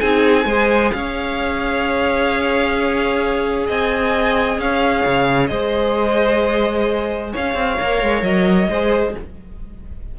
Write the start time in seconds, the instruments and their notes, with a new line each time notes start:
0.00 cello C4, viola D#4, violin G#4 G#5
0.45 cello G#3, viola G#4, violin C5
0.92 cello C#4, violin C#5 F5
3.66 cello C4, violin D#5 G#5
4.59 cello C#4, violin C#5 F5
5.06 cello C#3
5.47 cello G#3, violin C5 D#5
7.33 cello C#4, violin C#5 F5
7.54 cello C4
7.78 cello A#3, viola A#4
8.03 cello G#3
8.22 cello F#3, violin D#5
8.69 cello G#3, viola G#4, violin C5